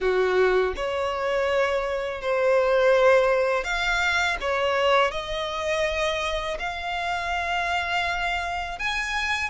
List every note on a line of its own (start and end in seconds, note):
0.00 0.74 F#4
0.75 2.21 C#5
2.21 3.64 C5
3.64 4.37 F5
4.40 5.11 C#5
5.11 6.57 D#5
6.59 8.78 F5
8.78 9.49 G#5